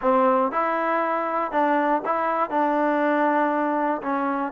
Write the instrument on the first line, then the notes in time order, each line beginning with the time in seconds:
trombone
0.01 C4
0.51 E4
1.51 D4
2.05 E4
2.50 D4
4.02 C#4